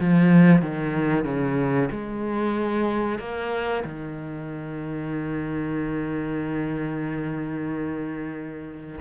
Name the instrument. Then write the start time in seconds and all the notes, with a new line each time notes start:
cello
0.00 F3
0.62 D#3
1.25 C#3
1.91 G#3
3.19 A#3
3.84 D#3